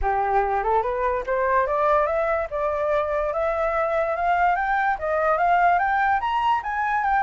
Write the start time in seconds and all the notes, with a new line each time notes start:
0.01 G4
0.63 A4
0.82 B4
1.26 C5
1.67 D5
2.06 E5
2.50 D5
3.33 E5
4.15 F5
4.55 G5
4.98 D#5
5.37 F5
5.78 G5
6.20 A#5
6.63 G#5
7.04 G5